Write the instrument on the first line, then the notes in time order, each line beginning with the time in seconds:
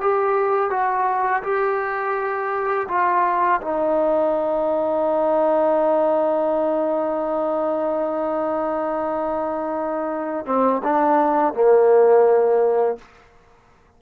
trombone
0.00 G4
0.70 F#4
1.42 G4
2.88 F4
3.61 D#4
10.45 C4
10.83 D4
11.53 A#3